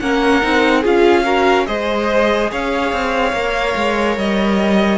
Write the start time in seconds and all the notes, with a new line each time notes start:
0.00 A#3 C#4 A#4 F#5
0.41 C4 D#4
0.82 C#4 F4 G#4 F5
1.24 F#4 A#4
1.66 G#3 G#4 C5 D#5
2.52 C#4 C#5 F5
2.92 C4
3.33 A#3 A#4
3.76 G#3
4.17 G3 D#5